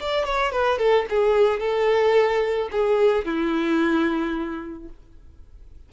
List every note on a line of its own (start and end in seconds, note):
0.00 0.25 D5
0.25 0.52 C#5
0.52 0.78 B4
0.78 1.06 A4
1.10 1.60 G#4
1.60 2.69 A4
2.72 3.25 G#4
3.25 4.89 E4